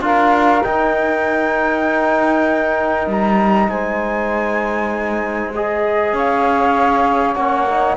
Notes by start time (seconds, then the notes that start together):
0.00 D4 F4 A#4 F5
0.63 D#4 G5
3.07 G3 A#5
3.69 G#3 C5 G#5
5.54 G#4 D#5
6.13 C#4 C#5 F5
7.34 A#3 C#4 F#5
7.67 D#4